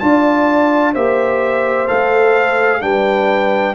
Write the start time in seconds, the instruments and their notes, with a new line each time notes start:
0.00 tuba D4, trombone F4, horn D5, trumpet A5
0.94 tuba A#3, trombone G4, horn C5, trumpet E5
1.88 tuba A3, trombone A4, trumpet F5
2.81 tuba G3, trombone D4, horn B4, trumpet G5